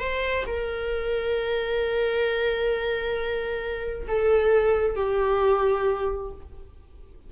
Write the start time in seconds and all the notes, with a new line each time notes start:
0.00 C5
0.47 A#4
4.08 A4
4.96 G4